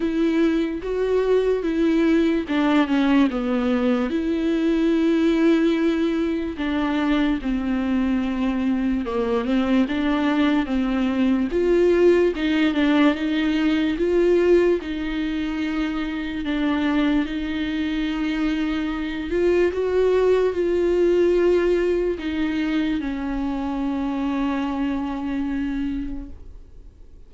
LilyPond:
\new Staff \with { instrumentName = "viola" } { \time 4/4 \tempo 4 = 73 e'4 fis'4 e'4 d'8 cis'8 | b4 e'2. | d'4 c'2 ais8 c'8 | d'4 c'4 f'4 dis'8 d'8 |
dis'4 f'4 dis'2 | d'4 dis'2~ dis'8 f'8 | fis'4 f'2 dis'4 | cis'1 | }